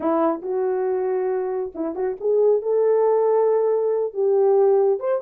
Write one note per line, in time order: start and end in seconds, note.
0.00 0.41 E4
0.42 1.72 F#4
1.74 1.95 E4
1.95 2.16 F#4
2.20 2.61 G#4
2.61 4.13 A4
4.13 4.99 G4
4.99 5.21 C5